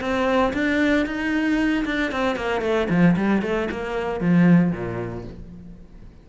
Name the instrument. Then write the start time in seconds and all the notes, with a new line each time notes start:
cello
0.00 C4
0.53 D4
1.06 D#4
1.85 D4
2.11 C4
2.35 A#3
2.61 A3
2.89 F3
3.16 G3
3.42 A3
3.71 A#3
4.20 F3
4.72 A#2